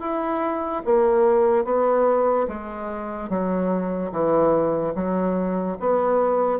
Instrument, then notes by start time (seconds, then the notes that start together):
bassoon
0.00 E4
0.85 A#3
1.65 B3
2.48 G#3
3.29 F#3
4.12 E3
4.95 F#3
5.80 B3